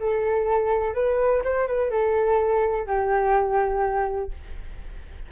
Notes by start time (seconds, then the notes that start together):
0.00 A4
0.94 B4
1.44 C5
1.68 B4
1.90 A4
2.87 G4